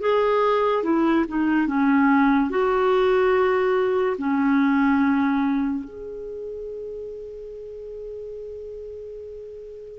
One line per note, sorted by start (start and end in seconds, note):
0.00 0.83 G#4
0.83 1.25 E4
1.28 1.67 D#4
1.67 2.50 C#4
2.50 4.17 F#4
4.18 5.84 C#4
5.84 9.99 G#4